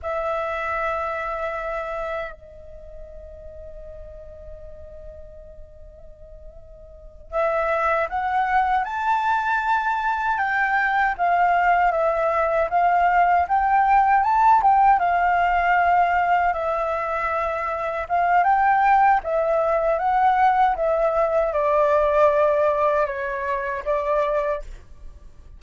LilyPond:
\new Staff \with { instrumentName = "flute" } { \time 4/4 \tempo 4 = 78 e''2. dis''4~ | dis''1~ | dis''4. e''4 fis''4 a''8~ | a''4. g''4 f''4 e''8~ |
e''8 f''4 g''4 a''8 g''8 f''8~ | f''4. e''2 f''8 | g''4 e''4 fis''4 e''4 | d''2 cis''4 d''4 | }